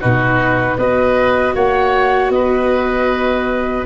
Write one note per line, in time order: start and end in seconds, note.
0.00 0.76 B2
0.00 0.78 D#4
0.00 0.77 F#4
0.00 0.78 B4
0.76 1.53 B3
0.76 3.85 F#4
0.76 1.55 B4
0.76 1.54 D#5
1.55 2.29 A#3
1.55 2.32 C#5
1.55 2.31 F#5
2.29 3.83 B3
2.29 3.85 B4
2.29 3.84 D#5